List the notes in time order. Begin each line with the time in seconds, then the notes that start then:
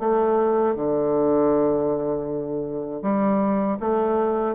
0.00 A3
0.76 D3
3.03 G3
3.80 A3